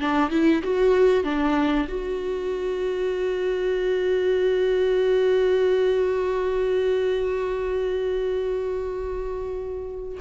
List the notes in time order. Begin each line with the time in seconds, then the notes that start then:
0.00 D4
0.30 E4
0.64 F#4
1.24 D4
1.89 F#4